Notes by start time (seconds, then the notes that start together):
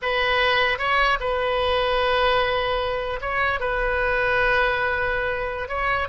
0.02 B4
0.78 C#5
1.20 B4
3.21 C#5
3.60 B4
5.68 C#5